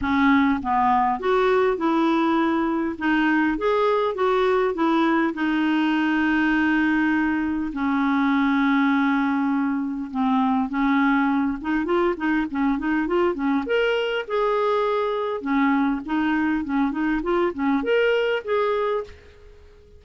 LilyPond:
\new Staff \with { instrumentName = "clarinet" } { \time 4/4 \tempo 4 = 101 cis'4 b4 fis'4 e'4~ | e'4 dis'4 gis'4 fis'4 | e'4 dis'2.~ | dis'4 cis'2.~ |
cis'4 c'4 cis'4. dis'8 | f'8 dis'8 cis'8 dis'8 f'8 cis'8 ais'4 | gis'2 cis'4 dis'4 | cis'8 dis'8 f'8 cis'8 ais'4 gis'4 | }